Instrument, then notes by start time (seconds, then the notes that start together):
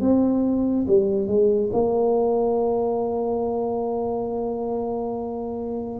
tuba
0.00 C4
0.87 G3
1.27 G#3
1.73 A#3